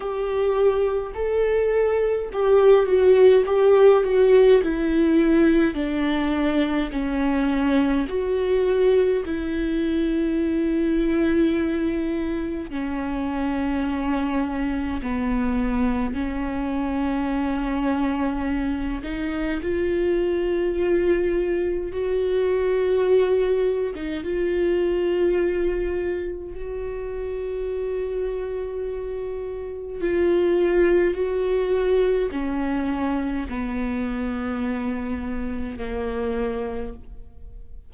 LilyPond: \new Staff \with { instrumentName = "viola" } { \time 4/4 \tempo 4 = 52 g'4 a'4 g'8 fis'8 g'8 fis'8 | e'4 d'4 cis'4 fis'4 | e'2. cis'4~ | cis'4 b4 cis'2~ |
cis'8 dis'8 f'2 fis'4~ | fis'8. dis'16 f'2 fis'4~ | fis'2 f'4 fis'4 | cis'4 b2 ais4 | }